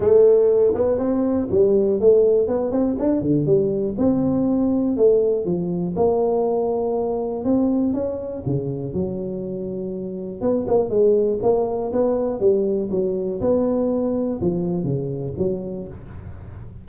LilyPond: \new Staff \with { instrumentName = "tuba" } { \time 4/4 \tempo 4 = 121 a4. b8 c'4 g4 | a4 b8 c'8 d'8 d8 g4 | c'2 a4 f4 | ais2. c'4 |
cis'4 cis4 fis2~ | fis4 b8 ais8 gis4 ais4 | b4 g4 fis4 b4~ | b4 f4 cis4 fis4 | }